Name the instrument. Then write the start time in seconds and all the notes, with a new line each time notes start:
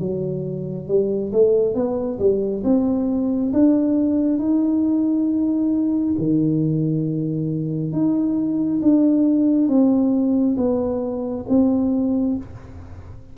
tuba
0.00 F#3
0.88 G3
1.33 A3
1.75 B3
2.19 G3
2.64 C4
3.53 D4
4.39 D#4
6.18 D#3
7.93 D#4
8.82 D4
9.68 C4
10.58 B3
11.49 C4